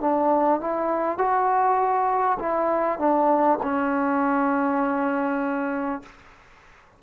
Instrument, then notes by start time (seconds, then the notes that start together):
trombone
0.00 D4
0.60 E4
1.18 F#4
2.39 E4
2.98 D4
3.62 C#4